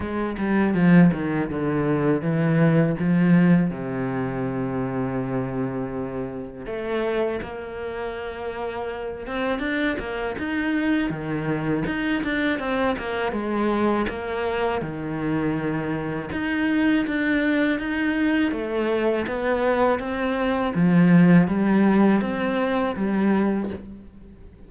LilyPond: \new Staff \with { instrumentName = "cello" } { \time 4/4 \tempo 4 = 81 gis8 g8 f8 dis8 d4 e4 | f4 c2.~ | c4 a4 ais2~ | ais8 c'8 d'8 ais8 dis'4 dis4 |
dis'8 d'8 c'8 ais8 gis4 ais4 | dis2 dis'4 d'4 | dis'4 a4 b4 c'4 | f4 g4 c'4 g4 | }